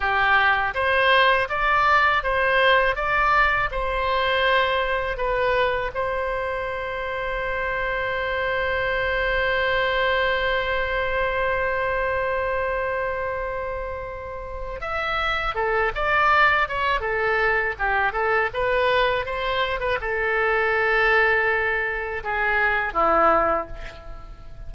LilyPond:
\new Staff \with { instrumentName = "oboe" } { \time 4/4 \tempo 4 = 81 g'4 c''4 d''4 c''4 | d''4 c''2 b'4 | c''1~ | c''1~ |
c''1 | e''4 a'8 d''4 cis''8 a'4 | g'8 a'8 b'4 c''8. b'16 a'4~ | a'2 gis'4 e'4 | }